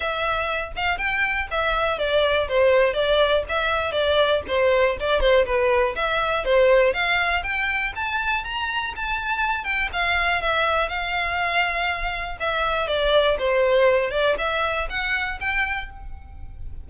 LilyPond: \new Staff \with { instrumentName = "violin" } { \time 4/4 \tempo 4 = 121 e''4. f''8 g''4 e''4 | d''4 c''4 d''4 e''4 | d''4 c''4 d''8 c''8 b'4 | e''4 c''4 f''4 g''4 |
a''4 ais''4 a''4. g''8 | f''4 e''4 f''2~ | f''4 e''4 d''4 c''4~ | c''8 d''8 e''4 fis''4 g''4 | }